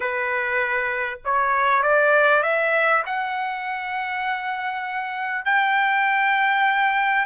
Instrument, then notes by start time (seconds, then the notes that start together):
trumpet
0.00 B4
1.24 C#5
1.82 D5
2.42 E5
3.06 F#5
5.45 G5